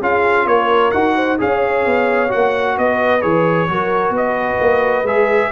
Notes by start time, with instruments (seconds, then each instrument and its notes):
0.00 tuba C#4, trombone F4, horn G#4, trumpet F5
0.46 tuba A#3, horn A#4, trumpet C#5
0.91 tuba D#4, trombone F#4, trumpet F#5
1.16 horn C5
1.39 tuba C#4, trombone G#4, horn C#5, trumpet F5
1.86 tuba B3
2.29 tuba A#3, trombone F#4, trumpet F#5
2.78 tuba B3, horn B4, trumpet D#5
3.22 tuba E3, trombone G#4, trumpet C#5
3.69 tuba F#3, trombone F#4, horn A#4
4.10 tuba B3, horn B4
4.17 trumpet D#5
4.61 tuba A#3
5.03 tuba G#3, trombone G#4, trumpet E5